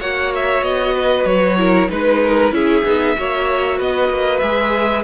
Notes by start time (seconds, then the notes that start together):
0.00 A#3 F#4 C#5 F#5
0.35 E5
0.62 B3 D#5
0.95 B4
1.25 F#3 C#5
1.58 E4 A#4
1.90 G#3 D#4 B4
2.23 A#4
2.52 C#4 E4 G#4 E5
2.85 B3 D#4
3.16 A#3 F#4 C#5
3.78 B3 B4 D#5
4.10 A#3
4.40 G#3 G#4 E5